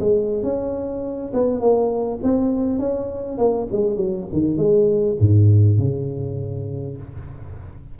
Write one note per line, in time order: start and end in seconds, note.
0.00 0.43 G#3
0.43 1.32 C#4
1.34 1.60 B3
1.60 2.20 A#3
2.23 2.79 C4
2.79 3.38 C#4
3.38 3.68 A#3
3.72 3.97 G#3
3.97 4.27 F#3
4.33 4.57 D#3
4.57 5.17 G#3
5.20 5.78 G#2
5.78 6.97 C#3